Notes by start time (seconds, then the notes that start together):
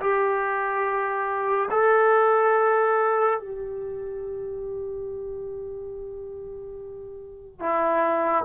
0.00 G4
1.71 A4
3.39 G4
7.60 E4